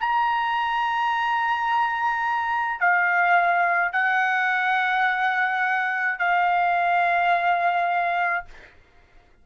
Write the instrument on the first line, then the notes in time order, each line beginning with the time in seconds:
trumpet
0.00 A#5
2.80 F5
3.92 F#5
6.19 F5